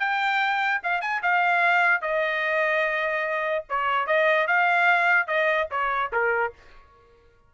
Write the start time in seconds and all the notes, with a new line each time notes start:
0.00 G5
0.84 F5
1.01 G#5
1.23 F5
2.02 D#5
3.70 C#5
4.07 D#5
4.48 F5
5.28 D#5
5.71 C#5
6.13 A#4